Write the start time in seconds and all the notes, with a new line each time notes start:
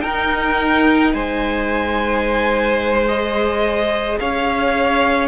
0.00 D#4 A#4 G5
1.13 G#3 C5 G#5
3.07 G#4 D#5
4.19 C#4 C#5 F5